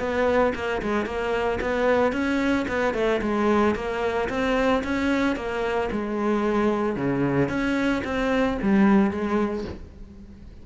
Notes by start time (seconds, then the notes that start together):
0.00 B3
0.55 A#3
0.82 G#3
1.06 A#3
1.61 B3
2.13 C#4
2.68 B3
2.94 A3
3.22 G#3
3.75 A#3
4.29 C4
4.84 C#4
5.36 A#3
5.92 G#3
6.96 C#3
7.49 C#4
8.05 C4
8.62 G3
9.11 G#3